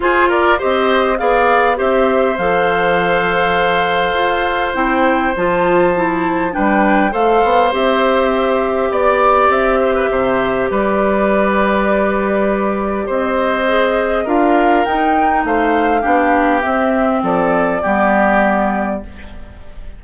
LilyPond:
<<
  \new Staff \with { instrumentName = "flute" } { \time 4/4 \tempo 4 = 101 c''8 d''8 dis''4 f''4 e''4 | f''1 | g''4 a''2 g''4 | f''4 e''2 d''4 |
e''2 d''2~ | d''2 dis''2 | f''4 g''4 f''2 | e''4 d''2. | }
  \new Staff \with { instrumentName = "oboe" } { \time 4/4 gis'8 ais'8 c''4 d''4 c''4~ | c''1~ | c''2. b'4 | c''2. d''4~ |
d''8 c''16 b'16 c''4 b'2~ | b'2 c''2 | ais'2 c''4 g'4~ | g'4 a'4 g'2 | }
  \new Staff \with { instrumentName = "clarinet" } { \time 4/4 f'4 g'4 gis'4 g'4 | a'1 | e'4 f'4 e'4 d'4 | a'4 g'2.~ |
g'1~ | g'2. gis'4 | f'4 dis'2 d'4 | c'2 b2 | }
  \new Staff \with { instrumentName = "bassoon" } { \time 4/4 f'4 c'4 b4 c'4 | f2. f'4 | c'4 f2 g4 | a8 b8 c'2 b4 |
c'4 c4 g2~ | g2 c'2 | d'4 dis'4 a4 b4 | c'4 f4 g2 | }
>>